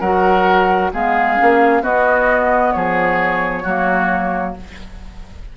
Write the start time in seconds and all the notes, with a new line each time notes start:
0.00 F#3 F#4 A#4 F#5
0.93 G#3 B3 G#4 F5
1.36 A#3 C#4
1.81 B3 F#4 D#5
2.72 F3 G#4 C#5
3.63 F#3 A#3 F#4